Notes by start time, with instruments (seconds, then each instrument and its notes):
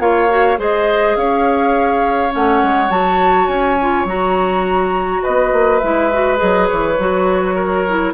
0.00 bassoon A#3, clarinet F4, oboe C#5, flute F5
0.30 clarinet F#4
0.58 bassoon G#3, clarinet G#4, oboe C5, flute D#5
1.16 bassoon C#4, oboe C#5, flute F5
2.30 bassoon A3, clarinet C#4, flute F#5
2.63 bassoon G#3
2.90 bassoon F#3, clarinet F#4, flute A5
3.47 bassoon C#4, flute G#5
3.82 clarinet F4
4.05 bassoon F#3, clarinet F#4, flute A#5
5.23 bassoon B3, oboe B4, flute D#5
5.53 bassoon A#3
5.79 bassoon G#3, clarinet E4, flute E5
6.13 clarinet F#4
6.37 bassoon F#3, clarinet G#4, flute D#5
6.69 bassoon E3, flute C#5
6.99 bassoon F#3, clarinet F#4
7.55 oboe A#4
7.89 clarinet E4